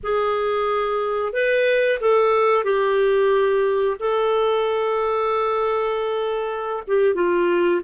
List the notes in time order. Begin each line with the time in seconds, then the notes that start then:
0.03 G#4
1.32 B4
2.00 A4
2.63 G4
3.99 A4
6.87 G4
7.14 F4